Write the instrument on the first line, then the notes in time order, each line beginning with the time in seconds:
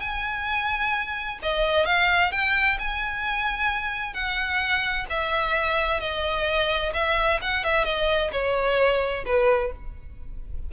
violin
0.00 G#5
1.42 D#5
1.85 F5
2.31 G5
2.78 G#5
4.13 F#5
5.10 E5
6.00 D#5
6.94 E5
7.41 F#5
7.64 E5
7.84 D#5
8.32 C#5
9.26 B4